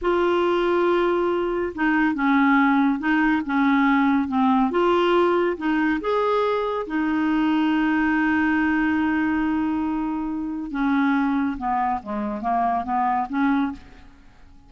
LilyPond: \new Staff \with { instrumentName = "clarinet" } { \time 4/4 \tempo 4 = 140 f'1 | dis'4 cis'2 dis'4 | cis'2 c'4 f'4~ | f'4 dis'4 gis'2 |
dis'1~ | dis'1~ | dis'4 cis'2 b4 | gis4 ais4 b4 cis'4 | }